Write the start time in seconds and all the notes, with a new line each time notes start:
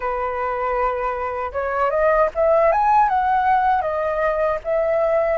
0.00 B4
1.52 C#5
1.90 D#5
2.35 E5
2.72 G#5
3.08 F#5
3.81 D#5
4.64 E5